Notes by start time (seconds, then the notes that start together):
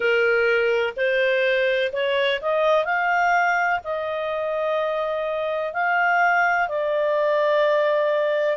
0.00 A#4
0.96 C5
1.92 C#5
2.41 D#5
2.84 F5
3.84 D#5
5.73 F5
6.68 D5